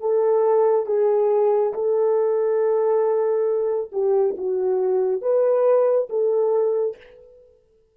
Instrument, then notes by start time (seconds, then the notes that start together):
horn
0.00 A4
0.86 G#4
1.73 A4
3.92 G4
4.38 F#4
5.21 B4
6.09 A4